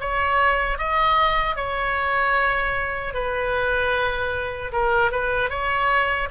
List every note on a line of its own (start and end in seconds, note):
0.00 0.78 C#5
0.78 1.56 D#5
1.56 3.14 C#5
3.14 4.72 B4
4.72 5.11 A#4
5.11 5.49 B4
5.49 6.28 C#5